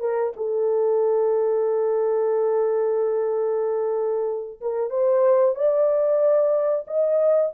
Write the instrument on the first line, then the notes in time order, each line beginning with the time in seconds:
horn
0.00 A#4
0.36 A4
4.61 A#4
4.90 C5
5.55 D5
6.87 D#5